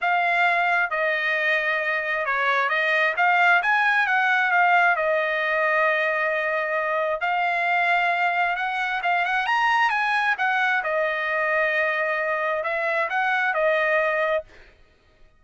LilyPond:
\new Staff \with { instrumentName = "trumpet" } { \time 4/4 \tempo 4 = 133 f''2 dis''2~ | dis''4 cis''4 dis''4 f''4 | gis''4 fis''4 f''4 dis''4~ | dis''1 |
f''2. fis''4 | f''8 fis''8 ais''4 gis''4 fis''4 | dis''1 | e''4 fis''4 dis''2 | }